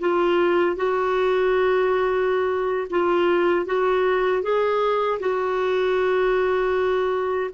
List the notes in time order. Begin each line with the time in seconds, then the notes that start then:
0.00 F4
0.76 F#4
2.90 F4
3.66 F#4
4.43 G#4
5.20 F#4